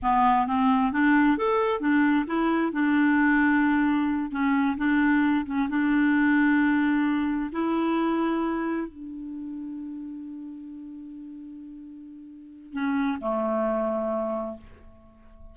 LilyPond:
\new Staff \with { instrumentName = "clarinet" } { \time 4/4 \tempo 4 = 132 b4 c'4 d'4 a'4 | d'4 e'4 d'2~ | d'4. cis'4 d'4. | cis'8 d'2.~ d'8~ |
d'8 e'2. d'8~ | d'1~ | d'1 | cis'4 a2. | }